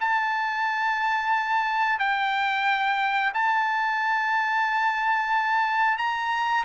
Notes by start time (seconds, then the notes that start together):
0.00 A5
1.99 G5
3.34 A5
5.98 A#5